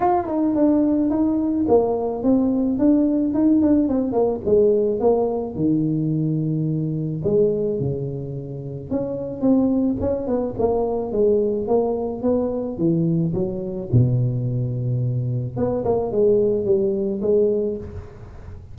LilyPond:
\new Staff \with { instrumentName = "tuba" } { \time 4/4 \tempo 4 = 108 f'8 dis'8 d'4 dis'4 ais4 | c'4 d'4 dis'8 d'8 c'8 ais8 | gis4 ais4 dis2~ | dis4 gis4 cis2 |
cis'4 c'4 cis'8 b8 ais4 | gis4 ais4 b4 e4 | fis4 b,2. | b8 ais8 gis4 g4 gis4 | }